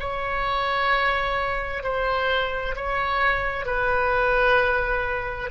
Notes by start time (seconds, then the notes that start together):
0.00 C#5
1.83 C5
2.76 C#5
3.66 B4